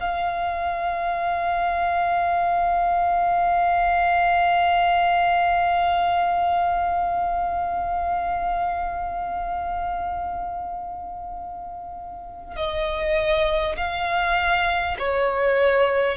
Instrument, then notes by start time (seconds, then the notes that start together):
violin
0.00 F5
12.56 D#5
13.77 F5
14.98 C#5